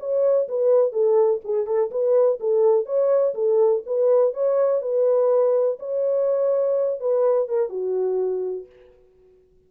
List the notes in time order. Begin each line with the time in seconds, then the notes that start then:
0.00 C#5
0.49 B4
0.93 A4
1.45 G#4
1.67 A4
1.91 B4
2.41 A4
2.86 C#5
3.35 A4
3.87 B4
4.34 C#5
4.82 B4
5.80 C#5
7.01 B4
7.49 A#4
7.70 F#4